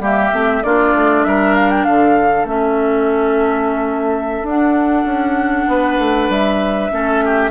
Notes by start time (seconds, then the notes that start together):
0.00 G3 A#3 G4 E5
0.33 A3 C4
0.63 A#3 D4 F4 D5
0.95 A3
1.24 G3 A#4 E5
1.54 F5
1.70 G5
1.85 D3 A4 F5
2.44 A3 C#4 E5
4.43 D4 F#5
5.05 C#4
5.68 B3 B4
5.99 A3
6.29 G3 E5
6.91 A3 C#4 A4
7.25 G4